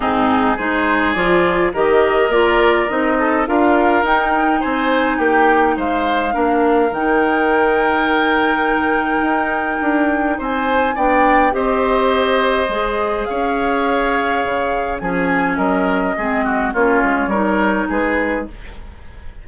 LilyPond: <<
  \new Staff \with { instrumentName = "flute" } { \time 4/4 \tempo 4 = 104 gis'4 c''4 d''4 dis''4 | d''4 dis''4 f''4 g''4 | gis''4 g''4 f''2 | g''1~ |
g''2 gis''4 g''4 | dis''2. f''4~ | f''2 gis''4 dis''4~ | dis''4 cis''2 b'4 | }
  \new Staff \with { instrumentName = "oboe" } { \time 4/4 dis'4 gis'2 ais'4~ | ais'4. a'8 ais'2 | c''4 g'4 c''4 ais'4~ | ais'1~ |
ais'2 c''4 d''4 | c''2. cis''4~ | cis''2 gis'4 ais'4 | gis'8 fis'8 f'4 ais'4 gis'4 | }
  \new Staff \with { instrumentName = "clarinet" } { \time 4/4 c'4 dis'4 f'4 g'4 | f'4 dis'4 f'4 dis'4~ | dis'2. d'4 | dis'1~ |
dis'2. d'4 | g'2 gis'2~ | gis'2 cis'2 | c'4 cis'4 dis'2 | }
  \new Staff \with { instrumentName = "bassoon" } { \time 4/4 gis,4 gis4 f4 dis4 | ais4 c'4 d'4 dis'4 | c'4 ais4 gis4 ais4 | dis1 |
dis'4 d'4 c'4 b4 | c'2 gis4 cis'4~ | cis'4 cis4 f4 fis4 | gis4 ais8 gis8 g4 gis4 | }
>>